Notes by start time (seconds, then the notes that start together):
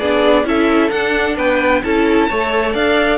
0.00 B3 D4 G#4 D5
0.44 C#4 E4 A4 E5
0.91 D4 F#5
1.37 B3 B4 G5
1.84 C#4 E4 A4 A5
2.29 A3 A4 C#5
2.73 D4 D5 F5